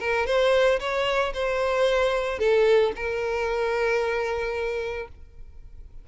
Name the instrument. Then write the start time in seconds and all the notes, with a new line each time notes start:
violin
0.00 A#4
0.26 C5
0.80 C#5
1.33 C5
2.39 A4
2.96 A#4